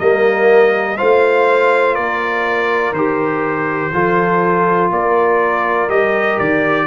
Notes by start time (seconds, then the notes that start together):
0.00 G3 A#3 A#4 D#5
0.98 A3 F4 C5 F5
1.95 A#3 A#4 D5
2.92 D#3 G4 C5
3.93 F3 F4 A4
4.91 A#3 A#4 D5
5.90 G3 G4 D#5
6.39 D#3 D5